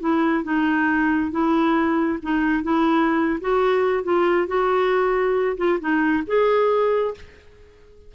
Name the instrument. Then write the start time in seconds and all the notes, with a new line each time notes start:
clarinet
0.00 E4
0.44 D#4
1.32 E4
2.23 D#4
2.63 E4
3.41 F#4
4.04 F4
4.47 F#4
5.57 F4
5.80 D#4
6.27 G#4